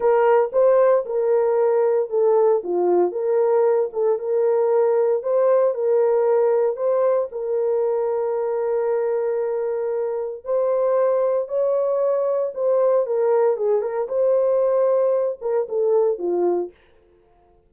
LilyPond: \new Staff \with { instrumentName = "horn" } { \time 4/4 \tempo 4 = 115 ais'4 c''4 ais'2 | a'4 f'4 ais'4. a'8 | ais'2 c''4 ais'4~ | ais'4 c''4 ais'2~ |
ais'1 | c''2 cis''2 | c''4 ais'4 gis'8 ais'8 c''4~ | c''4. ais'8 a'4 f'4 | }